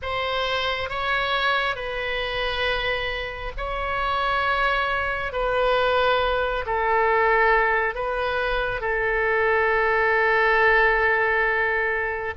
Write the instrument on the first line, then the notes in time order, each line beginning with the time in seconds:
oboe
0.02 C5
0.89 C#5
1.75 B4
3.57 C#5
5.32 B4
6.65 A4
7.94 B4
8.80 A4